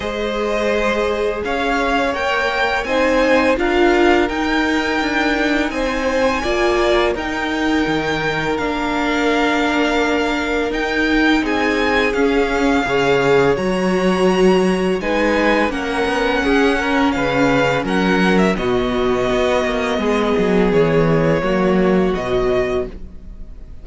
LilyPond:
<<
  \new Staff \with { instrumentName = "violin" } { \time 4/4 \tempo 4 = 84 dis''2 f''4 g''4 | gis''4 f''4 g''2 | gis''2 g''2 | f''2. g''4 |
gis''4 f''2 ais''4~ | ais''4 gis''4 fis''2 | f''4 fis''8. e''16 dis''2~ | dis''4 cis''2 dis''4 | }
  \new Staff \with { instrumentName = "violin" } { \time 4/4 c''2 cis''2 | c''4 ais'2. | c''4 d''4 ais'2~ | ais'1 |
gis'2 cis''2~ | cis''4 b'4 ais'4 gis'8 ais'8 | b'4 ais'4 fis'2 | gis'2 fis'2 | }
  \new Staff \with { instrumentName = "viola" } { \time 4/4 gis'2. ais'4 | dis'4 f'4 dis'2~ | dis'4 f'4 dis'2 | d'2. dis'4~ |
dis'4 cis'4 gis'4 fis'4~ | fis'4 dis'4 cis'2~ | cis'2 b2~ | b2 ais4 fis4 | }
  \new Staff \with { instrumentName = "cello" } { \time 4/4 gis2 cis'4 ais4 | c'4 d'4 dis'4 d'4 | c'4 ais4 dis'4 dis4 | ais2. dis'4 |
c'4 cis'4 cis4 fis4~ | fis4 gis4 ais8 b8 cis'4 | cis4 fis4 b,4 b8 ais8 | gis8 fis8 e4 fis4 b,4 | }
>>